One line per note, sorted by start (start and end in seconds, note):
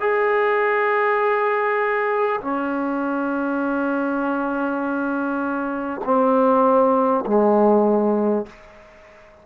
0.00 2.40 G#4
2.41 6.01 C#4
6.04 7.24 C4
7.26 8.46 G#3